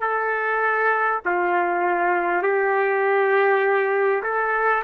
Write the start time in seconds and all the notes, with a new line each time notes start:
0.00 A4
1.25 F4
2.42 G4
4.23 A4